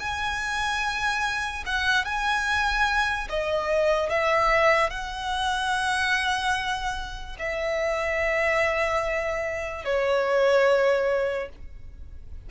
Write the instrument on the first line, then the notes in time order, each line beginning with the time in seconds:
violin
0.00 G#5
1.66 F#5
2.05 G#5
3.29 D#5
4.10 E5
4.90 F#5
7.39 E5
9.85 C#5